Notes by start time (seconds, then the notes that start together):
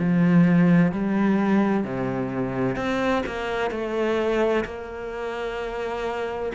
0.00 F3
0.92 G3
1.85 C3
2.77 C4
3.27 A#3
3.71 A3
4.65 A#3